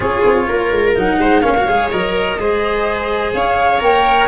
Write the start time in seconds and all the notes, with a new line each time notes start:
0.00 C#4 F4 G#4 C#5
0.25 C4
0.48 A#3 A#4
0.71 G#3
0.95 F#3 D#4 F#5
1.19 G#3 C5
1.41 A#3 C#4 C#5 F5
1.57 F#4
1.67 G#3 G#4
1.90 F#3 A#4 D#5
2.38 G#3 G#4 C5
3.33 C#4 C#5 F5
3.79 A#3 A#4 G5